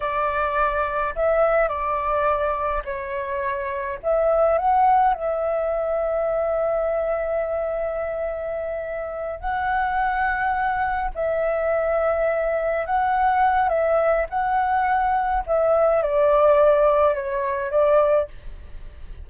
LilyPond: \new Staff \with { instrumentName = "flute" } { \time 4/4 \tempo 4 = 105 d''2 e''4 d''4~ | d''4 cis''2 e''4 | fis''4 e''2.~ | e''1~ |
e''8 fis''2. e''8~ | e''2~ e''8 fis''4. | e''4 fis''2 e''4 | d''2 cis''4 d''4 | }